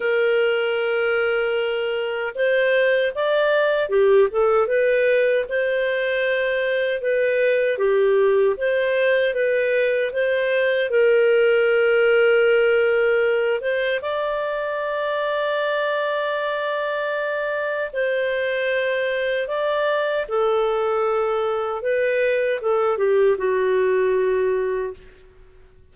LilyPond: \new Staff \with { instrumentName = "clarinet" } { \time 4/4 \tempo 4 = 77 ais'2. c''4 | d''4 g'8 a'8 b'4 c''4~ | c''4 b'4 g'4 c''4 | b'4 c''4 ais'2~ |
ais'4. c''8 d''2~ | d''2. c''4~ | c''4 d''4 a'2 | b'4 a'8 g'8 fis'2 | }